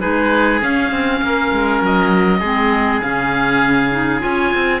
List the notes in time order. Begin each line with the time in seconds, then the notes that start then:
0.00 G#3 D#4 G#4 B4
0.60 C#4 F5
0.91 C4
1.21 A#3 A#4
1.52 G#3
1.81 F#3 D#5
2.39 G#3 C4 G#4
3.01 C#3 C#4 F5
3.91 D#4
4.20 C#4 F4 G#5
4.54 C4